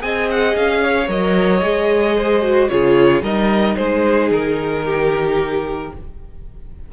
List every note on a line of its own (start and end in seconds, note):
0.00 0.56 C4
0.00 1.07 G#4
0.00 0.83 D#5
0.00 0.29 G#5
0.30 0.56 F#5
0.56 1.08 C#4
0.56 1.09 F5
0.83 2.17 C#5
1.08 1.62 F#3
1.08 1.61 A#4
1.08 2.69 D#5
1.62 2.70 G#3
1.62 2.42 G#4
2.17 2.70 C5
2.42 2.69 F#4
2.69 3.21 C#3
2.69 3.23 F4
2.69 3.23 G#4
2.69 3.22 C#5
3.21 3.75 G3
3.21 5.92 D#4
3.21 3.77 A#4
3.21 3.76 D#5
3.76 4.31 G#3
3.76 4.85 G#4
3.76 4.30 C5
4.31 5.92 D#3
4.31 5.93 A#4
4.85 5.92 G4